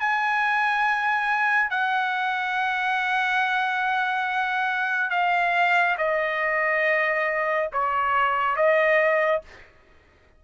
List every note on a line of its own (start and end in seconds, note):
0.00 1.70 G#5
1.70 5.10 F#5
5.10 5.96 F5
5.98 7.69 D#5
7.73 8.56 C#5
8.56 9.42 D#5